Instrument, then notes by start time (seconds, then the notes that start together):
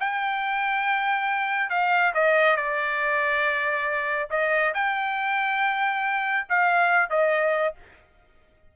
trumpet
0.00 G5
1.70 F5
2.14 D#5
2.57 D5
4.30 D#5
4.74 G5
6.49 F5
7.10 D#5